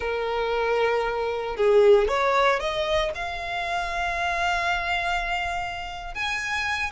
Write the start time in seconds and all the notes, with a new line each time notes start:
0.00 A#4
1.56 G#4
2.08 C#5
2.59 D#5
3.14 F5
6.14 G#5